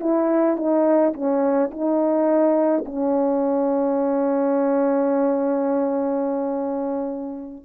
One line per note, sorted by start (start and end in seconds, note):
0.00 0.56 E4
0.56 1.13 D#4
1.13 1.70 C#4
1.70 2.84 D#4
2.85 7.64 C#4